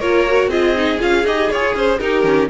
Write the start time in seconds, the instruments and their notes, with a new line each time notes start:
0.00 cello A#3, viola F4, violin A#4 C#5
0.27 viola F#4
0.48 cello C4, viola F4, violin G#4 D#5
0.76 viola D#4
0.99 cello C#4, viola F4, violin F5
1.24 cello D#4, viola G4, violin D#5
1.51 cello F4, viola G#4, violin C#5
1.75 cello C#4, violin C5
1.99 viola D#4, cello D#4, violin G4 A#4
2.23 cello D#3, viola C#4